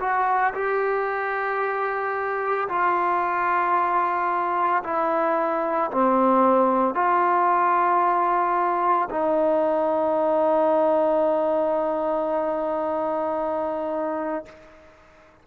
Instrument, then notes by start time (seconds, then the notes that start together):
trombone
0.00 F#4
0.54 G4
2.69 F4
4.84 E4
5.91 C4
6.94 F4
9.10 D#4